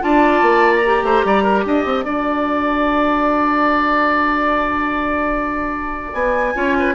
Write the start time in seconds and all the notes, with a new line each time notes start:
0.00 D4 F4 D5 A5
0.42 A#3
0.75 A#5
0.85 G4
1.02 A3 C5
1.24 G3 D5
1.43 A#4
1.65 D4 D#5 A5
1.85 C4
2.04 D4 F#4 D5
6.13 B3 G#5
6.54 C#4 F4 C#5
6.79 B4